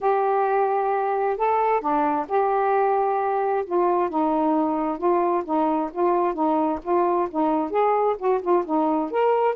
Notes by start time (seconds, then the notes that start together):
0.00 G4
1.37 A4
1.80 D4
2.28 G4
3.65 F4
4.09 D#4
4.98 F4
5.44 D#4
5.92 F4
6.33 D#4
6.83 F4
7.31 D#4
7.70 G#4
8.18 F#4
8.41 F4
8.65 D#4
9.11 A#4